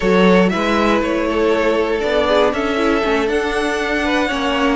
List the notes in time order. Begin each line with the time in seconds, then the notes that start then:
0.00 F#3 F#4 A4 C#5
0.49 E4 B4 E5
0.55 G#3
1.01 A3 C#5
1.28 A4
2.00 B3 D4 D5
2.27 G#4
2.52 C#4 A4 E5
2.76 E4
3.02 A3 C#4
3.26 D4 F#5
4.04 B4
4.28 A#3 C#4 C#5